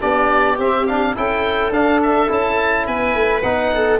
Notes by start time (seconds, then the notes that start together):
0.00 B3 D4 G4 D5
0.58 C4 E5
0.86 D4 F5
1.15 C#4 E4 A4 G5
1.70 D4 F5
2.02 E5
2.27 C#4 E4 A5
2.86 B3 B4 G#5
3.14 A3
3.41 B3 D#4 F#5
3.74 A4